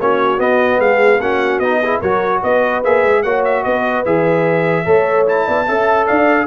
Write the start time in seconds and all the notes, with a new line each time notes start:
0.00 A#3 C#4 F#4 C#5
0.38 B3 D#5
0.79 G#3 G#4 F5
1.20 A#3 C#4 F#4 F#5
1.59 B3 D#4 D#5
1.82 E4 G#4
2.00 F#3 F#4 A#4 C#5
2.42 B3 B4 D#5
2.84 A#3 G#4 E5
3.04 G#3
3.23 A#3 F#4 C#5 F#5
3.45 E5
3.64 B3 B4 D#5
4.05 E3 G#4 E5
4.86 A3 A4 C#5
5.27 E4 A5
5.46 B3 D5
5.67 C#4 A4 E5
6.07 D4 D5 F5